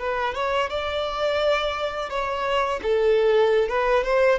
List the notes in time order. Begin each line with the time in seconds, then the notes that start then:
0.00 B4
0.35 C#5
0.70 D5
2.10 C#5
2.83 A4
3.69 B4
4.04 C5